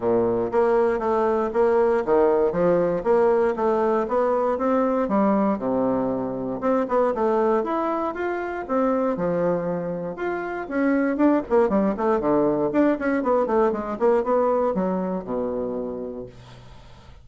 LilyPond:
\new Staff \with { instrumentName = "bassoon" } { \time 4/4 \tempo 4 = 118 ais,4 ais4 a4 ais4 | dis4 f4 ais4 a4 | b4 c'4 g4 c4~ | c4 c'8 b8 a4 e'4 |
f'4 c'4 f2 | f'4 cis'4 d'8 ais8 g8 a8 | d4 d'8 cis'8 b8 a8 gis8 ais8 | b4 fis4 b,2 | }